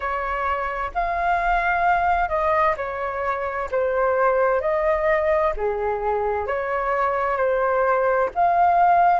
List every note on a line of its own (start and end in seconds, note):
0.00 0.91 C#5
0.94 2.28 F5
2.28 2.74 D#5
2.77 3.69 C#5
3.71 4.61 C5
4.61 5.53 D#5
5.56 6.46 G#4
6.46 7.36 C#5
7.36 8.29 C5
8.34 9.20 F5